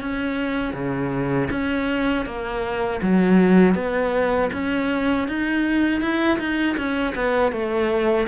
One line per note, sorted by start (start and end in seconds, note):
0.00 0.73 C#4
0.73 1.48 C#3
1.50 2.25 C#4
2.25 3.00 A#3
3.01 3.74 F#3
3.74 4.49 B3
4.53 5.27 C#4
5.27 6.01 D#4
6.01 6.38 E4
6.39 6.76 D#4
6.77 7.14 C#4
7.15 7.52 B3
7.52 8.27 A3